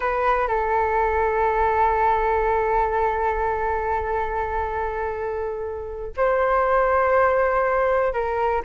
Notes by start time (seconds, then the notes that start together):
0.00 B4
0.47 A4
6.17 C5
8.13 A#4